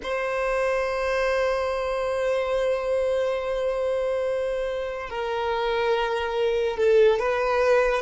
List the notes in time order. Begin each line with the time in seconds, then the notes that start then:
0.02 C5
5.09 A#4
6.77 A4
7.19 B4